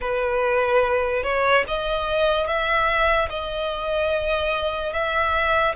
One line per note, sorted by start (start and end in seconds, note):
0.00 1.23 B4
1.23 1.64 C#5
1.67 2.46 D#5
2.46 3.28 E5
3.29 4.92 D#5
4.92 5.75 E5